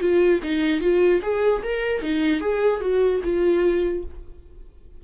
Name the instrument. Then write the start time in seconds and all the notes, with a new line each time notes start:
viola
0.00 F4
0.43 D#4
0.80 F4
1.22 G#4
1.63 A#4
2.02 D#4
2.40 G#4
2.80 F#4
3.24 F4